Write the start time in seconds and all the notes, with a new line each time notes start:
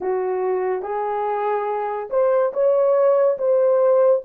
0.00 F#4
0.82 G#4
2.10 C5
2.53 C#5
3.38 C5